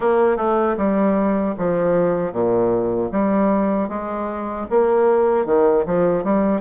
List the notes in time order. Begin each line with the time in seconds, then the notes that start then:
0.00 A#3
0.36 A3
0.77 G3
1.58 F3
2.32 A#2
3.11 G3
3.89 G#3
4.70 A#3
5.45 D#3
5.85 F3
6.23 G3